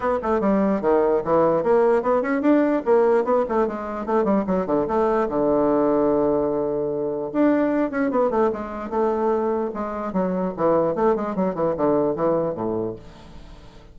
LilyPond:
\new Staff \with { instrumentName = "bassoon" } { \time 4/4 \tempo 4 = 148 b8 a8 g4 dis4 e4 | ais4 b8 cis'8 d'4 ais4 | b8 a8 gis4 a8 g8 fis8 d8 | a4 d2.~ |
d2 d'4. cis'8 | b8 a8 gis4 a2 | gis4 fis4 e4 a8 gis8 | fis8 e8 d4 e4 a,4 | }